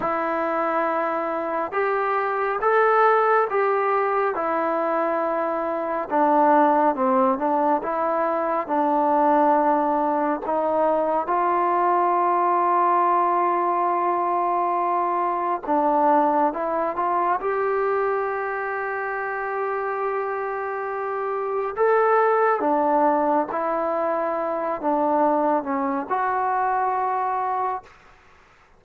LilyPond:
\new Staff \with { instrumentName = "trombone" } { \time 4/4 \tempo 4 = 69 e'2 g'4 a'4 | g'4 e'2 d'4 | c'8 d'8 e'4 d'2 | dis'4 f'2.~ |
f'2 d'4 e'8 f'8 | g'1~ | g'4 a'4 d'4 e'4~ | e'8 d'4 cis'8 fis'2 | }